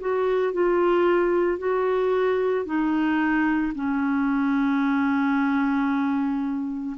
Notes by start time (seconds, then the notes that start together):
0.00 F#4
0.53 F4
1.58 F#4
2.65 D#4
3.75 C#4